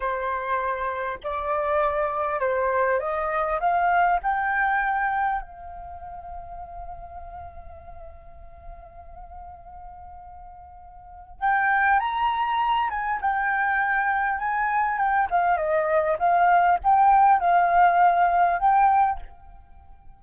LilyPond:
\new Staff \with { instrumentName = "flute" } { \time 4/4 \tempo 4 = 100 c''2 d''2 | c''4 dis''4 f''4 g''4~ | g''4 f''2.~ | f''1~ |
f''2. g''4 | ais''4. gis''8 g''2 | gis''4 g''8 f''8 dis''4 f''4 | g''4 f''2 g''4 | }